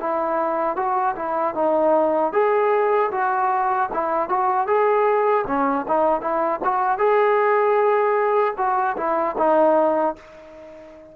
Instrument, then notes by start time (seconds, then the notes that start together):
trombone
0.00 E4
0.76 F#4
1.16 E4
1.55 D#4
2.33 G#4
3.12 F#4
3.94 E4
4.29 F#4
4.67 G#4
5.47 C#4
5.88 D#4
6.21 E4
6.64 F#4
6.98 G#4
8.57 F#4
8.97 E4
9.38 D#4